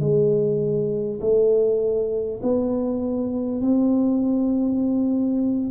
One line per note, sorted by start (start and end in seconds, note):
0.00 1.20 G#3
1.21 2.41 A3
2.43 3.62 B3
3.62 5.71 C4